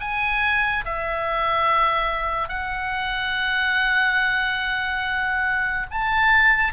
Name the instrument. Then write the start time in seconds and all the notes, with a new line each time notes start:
oboe
0.00 G#5
0.85 E5
2.49 F#5
5.91 A5